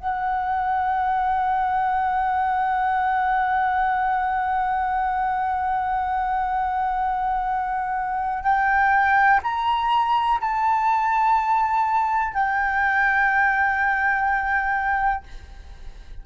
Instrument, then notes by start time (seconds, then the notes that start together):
flute
0.00 F#5
8.44 G5
9.44 A#5
10.41 A5
12.34 G5